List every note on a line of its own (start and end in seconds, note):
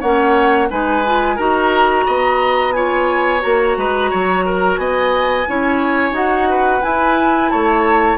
0.00 0.70 A#3
0.00 0.69 C#4
0.00 0.68 C#5
0.00 0.69 F#5
0.69 1.38 G#3
0.69 1.03 D#4
0.69 1.36 B4
0.69 1.38 G#5
1.06 1.37 F4
1.36 2.06 D#4
1.36 2.74 F#4
1.36 2.04 A#4
1.36 2.72 A#5
2.06 3.44 B3
2.06 2.74 D#5
2.72 3.40 F4
2.72 3.78 C#5
2.72 3.40 G#5
3.40 3.77 A#3
3.40 5.44 F#4
3.40 4.77 A#5
3.77 4.11 G#3
3.77 4.10 B4
4.10 4.77 F#3
4.10 4.44 C#5
4.45 4.79 A#4
4.77 5.46 B3
4.77 5.48 D#5
4.77 6.13 G#5
5.47 6.12 C#4
5.47 6.12 E4
5.47 6.49 C#5
6.12 6.80 D#4
6.12 6.81 F#4
6.12 6.82 F#5
6.49 7.51 B4
6.82 8.17 E4
6.82 7.53 E4
6.82 7.50 G#5
7.50 8.17 A3
7.50 8.17 C#5
7.50 8.17 A5